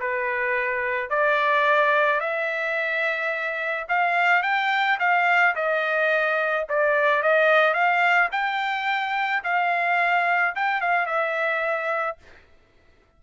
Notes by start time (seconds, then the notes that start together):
0.00 B4
1.10 D5
2.20 E5
3.89 F5
4.43 G5
5.00 F5
5.56 D#5
6.69 D5
7.23 D#5
7.74 F5
8.32 G5
9.44 F5
10.56 G5
10.81 F5
11.07 E5